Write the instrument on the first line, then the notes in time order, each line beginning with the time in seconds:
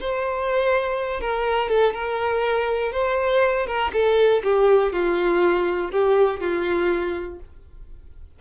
violin
0.00 C5
1.20 A#4
1.69 A4
1.93 A#4
2.92 C5
3.66 A#4
3.93 A4
4.43 G4
4.92 F4
5.91 G4
6.40 F4